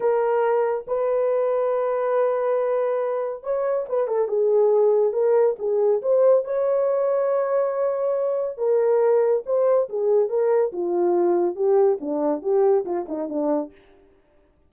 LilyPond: \new Staff \with { instrumentName = "horn" } { \time 4/4 \tempo 4 = 140 ais'2 b'2~ | b'1 | cis''4 b'8 a'8 gis'2 | ais'4 gis'4 c''4 cis''4~ |
cis''1 | ais'2 c''4 gis'4 | ais'4 f'2 g'4 | d'4 g'4 f'8 dis'8 d'4 | }